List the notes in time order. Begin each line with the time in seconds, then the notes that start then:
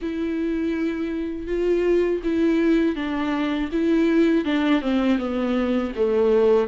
0.01 E4
1.47 F4
2.23 E4
2.95 D4
3.71 E4
4.44 D4
4.81 C4
5.18 B3
5.95 A3